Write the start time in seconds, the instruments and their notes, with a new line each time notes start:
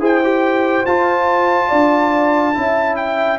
0.00 tuba E4, trombone G#4, horn C5, trumpet G5
0.24 trombone G4
0.86 tuba F4, trombone F4, trumpet A5
1.68 tuba D4, horn D5
2.54 tuba C#4, trombone E4, horn E5
2.96 trumpet G5